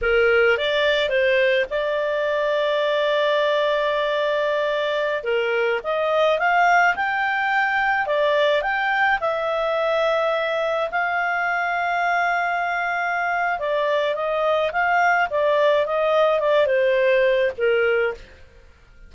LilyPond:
\new Staff \with { instrumentName = "clarinet" } { \time 4/4 \tempo 4 = 106 ais'4 d''4 c''4 d''4~ | d''1~ | d''4~ d''16 ais'4 dis''4 f''8.~ | f''16 g''2 d''4 g''8.~ |
g''16 e''2. f''8.~ | f''1 | d''4 dis''4 f''4 d''4 | dis''4 d''8 c''4. ais'4 | }